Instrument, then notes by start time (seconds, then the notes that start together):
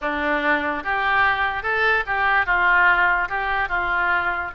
oboe
0.01 D4
0.83 G4
1.62 A4
2.06 G4
2.46 F4
3.28 G4
3.69 F4